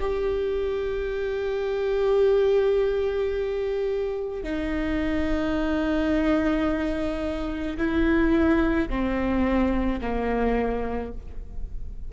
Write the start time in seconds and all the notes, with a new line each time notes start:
0.00 G4
4.44 D#4
7.78 E4
8.89 C4
10.01 A#3